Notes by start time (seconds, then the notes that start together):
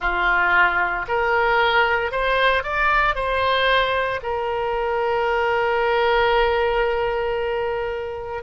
0.00 F4
1.08 A#4
2.11 C5
2.63 D5
3.15 C5
4.22 A#4